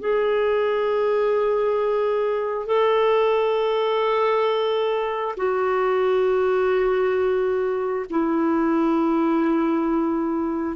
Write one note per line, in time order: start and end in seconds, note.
0.00 2.67 G#4
2.67 5.36 A4
5.37 8.06 F#4
8.10 10.77 E4